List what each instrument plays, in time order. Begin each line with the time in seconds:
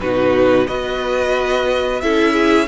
0.00 cello B2, viola D#4, violin F#4 B4
0.66 cello B3, viola F#4, violin B4 D#5
2.01 cello C#4, viola E4, violin A4 E5
2.33 violin G#4